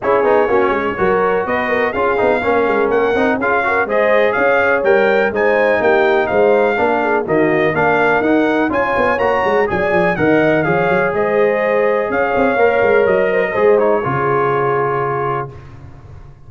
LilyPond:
<<
  \new Staff \with { instrumentName = "trumpet" } { \time 4/4 \tempo 4 = 124 cis''2. dis''4 | f''2 fis''4 f''4 | dis''4 f''4 g''4 gis''4 | g''4 f''2 dis''4 |
f''4 fis''4 gis''4 ais''4 | gis''4 fis''4 f''4 dis''4~ | dis''4 f''2 dis''4~ | dis''8 cis''2.~ cis''8 | }
  \new Staff \with { instrumentName = "horn" } { \time 4/4 gis'4 fis'8 gis'8 ais'4 b'8 ais'8 | gis'4 ais'2 gis'8 ais'8 | c''4 cis''2 c''4 | g'4 c''4 ais'8 gis'8 fis'4 |
ais'2 cis''2 | d''4 dis''4 cis''4 c''4~ | c''4 cis''2~ cis''8 c''16 ais'16 | c''4 gis'2. | }
  \new Staff \with { instrumentName = "trombone" } { \time 4/4 e'8 dis'8 cis'4 fis'2 | f'8 dis'8 cis'4. dis'8 f'8 fis'8 | gis'2 ais'4 dis'4~ | dis'2 d'4 ais4 |
d'4 dis'4 f'4 fis'4 | gis'4 ais'4 gis'2~ | gis'2 ais'2 | gis'8 dis'8 f'2. | }
  \new Staff \with { instrumentName = "tuba" } { \time 4/4 cis'8 b8 ais8 gis8 fis4 b4 | cis'8 b8 ais8 gis8 ais8 c'8 cis'4 | gis4 cis'4 g4 gis4 | ais4 gis4 ais4 dis4 |
ais4 dis'4 cis'8 b8 ais8 gis8 | fis8 f8 dis4 f8 fis8 gis4~ | gis4 cis'8 c'8 ais8 gis8 fis4 | gis4 cis2. | }
>>